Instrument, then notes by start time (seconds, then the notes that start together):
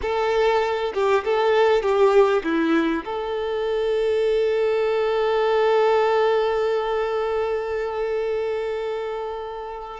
violin
0.01 A4
0.93 G4
1.24 A4
1.82 G4
2.43 E4
3.05 A4